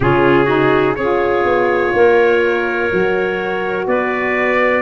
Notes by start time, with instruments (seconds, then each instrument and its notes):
0.00 tuba C#3, saxophone C#4, clarinet F4, trumpet G#4
0.44 saxophone D#4, clarinet F#4
0.95 tuba C#4, saxophone F4, clarinet G#4, trumpet C#5
1.44 tuba B3
1.93 tuba A#3, clarinet A#4
2.91 tuba F#3, saxophone F#4
3.86 tuba B3, clarinet B4, trumpet D5